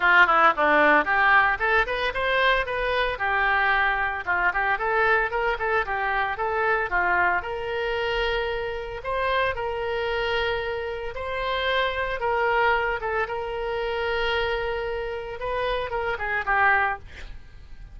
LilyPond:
\new Staff \with { instrumentName = "oboe" } { \time 4/4 \tempo 4 = 113 f'8 e'8 d'4 g'4 a'8 b'8 | c''4 b'4 g'2 | f'8 g'8 a'4 ais'8 a'8 g'4 | a'4 f'4 ais'2~ |
ais'4 c''4 ais'2~ | ais'4 c''2 ais'4~ | ais'8 a'8 ais'2.~ | ais'4 b'4 ais'8 gis'8 g'4 | }